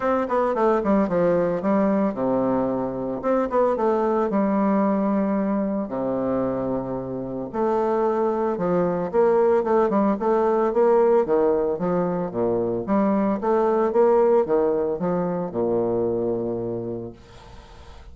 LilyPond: \new Staff \with { instrumentName = "bassoon" } { \time 4/4 \tempo 4 = 112 c'8 b8 a8 g8 f4 g4 | c2 c'8 b8 a4 | g2. c4~ | c2 a2 |
f4 ais4 a8 g8 a4 | ais4 dis4 f4 ais,4 | g4 a4 ais4 dis4 | f4 ais,2. | }